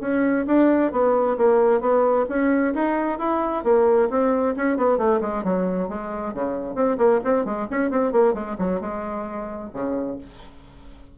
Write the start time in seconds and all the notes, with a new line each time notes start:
0.00 C#4
0.46 D4
0.92 B3
1.37 A#3
1.80 B3
2.28 C#4
2.74 D#4
3.18 E4
3.63 A#3
4.09 C4
4.56 C#4
4.77 B3
4.97 A3
5.21 G#3
5.43 F#3
5.88 G#3
6.33 C#3
6.75 C4
6.97 A#3
7.24 C4
7.45 G#3
7.70 C#4
7.90 C4
8.12 A#3
8.34 G#3
8.58 F#3
8.80 G#3
9.73 C#3